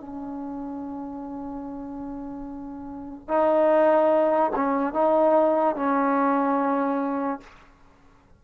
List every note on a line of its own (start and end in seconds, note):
0.00 3.29 C#4
3.29 4.52 D#4
4.56 4.94 C#4
4.94 5.76 D#4
5.76 7.41 C#4